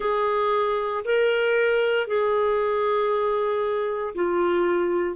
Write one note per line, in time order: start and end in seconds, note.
0.00 1.03 G#4
1.04 2.07 A#4
2.07 4.14 G#4
4.14 5.16 F4